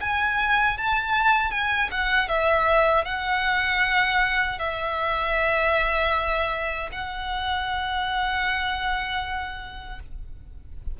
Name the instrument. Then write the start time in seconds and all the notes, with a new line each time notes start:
violin
0.00 G#5
0.77 A5
1.51 G#5
1.91 F#5
2.28 E5
3.05 F#5
4.58 E5
6.92 F#5